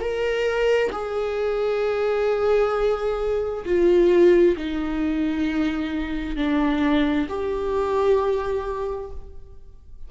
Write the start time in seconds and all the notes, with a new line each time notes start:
0.00 A#4
0.92 G#4
3.65 F4
4.57 D#4
6.36 D4
7.29 G4